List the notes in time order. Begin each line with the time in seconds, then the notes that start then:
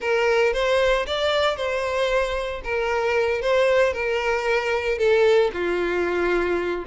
0.00 A#4
0.53 C5
1.06 D5
1.56 C5
2.64 A#4
3.41 C5
3.93 A#4
4.98 A4
5.53 F4